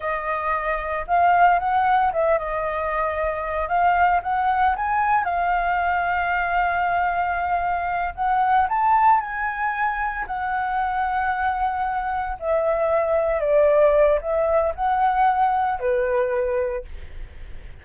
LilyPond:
\new Staff \with { instrumentName = "flute" } { \time 4/4 \tempo 4 = 114 dis''2 f''4 fis''4 | e''8 dis''2~ dis''8 f''4 | fis''4 gis''4 f''2~ | f''2.~ f''8 fis''8~ |
fis''8 a''4 gis''2 fis''8~ | fis''2.~ fis''8 e''8~ | e''4. d''4. e''4 | fis''2 b'2 | }